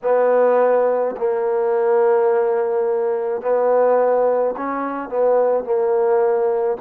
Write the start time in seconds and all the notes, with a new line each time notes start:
0.02 B3
1.17 A#3
3.41 B3
4.56 C#4
5.09 B3
5.63 A#3